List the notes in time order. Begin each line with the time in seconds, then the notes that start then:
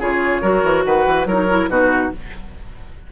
0.00 C#3 F4 G#4 C#5
0.42 F#3 F#4 A#4
0.64 E3
0.85 D#3 B4 F#5
1.07 E3
1.26 F#3 E4 A#4 C#5
1.35 D#4
1.50 E4
1.69 B2 D#4 F#4 B4